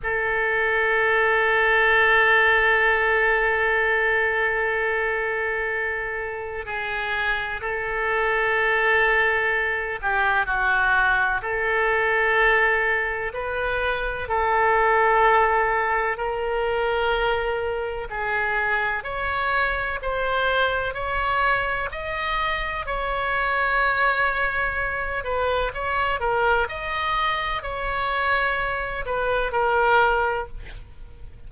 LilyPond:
\new Staff \with { instrumentName = "oboe" } { \time 4/4 \tempo 4 = 63 a'1~ | a'2. gis'4 | a'2~ a'8 g'8 fis'4 | a'2 b'4 a'4~ |
a'4 ais'2 gis'4 | cis''4 c''4 cis''4 dis''4 | cis''2~ cis''8 b'8 cis''8 ais'8 | dis''4 cis''4. b'8 ais'4 | }